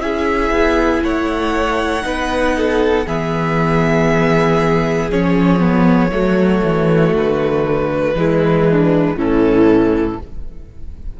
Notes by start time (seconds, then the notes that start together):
0.00 C#4 E4 G#4 E5
0.50 B3
1.02 A3 C#5 F#5
2.02 B3 D#4 B4
2.57 A4
3.06 E3 B3 G#4 E5
5.10 F3 C#4 C#5
5.60 B3
6.10 F#3 A3 F#4
6.63 E3
7.15 D3 B4
8.13 E3 G#3 E4
8.69 D4
9.16 A2 E3 C#4 A4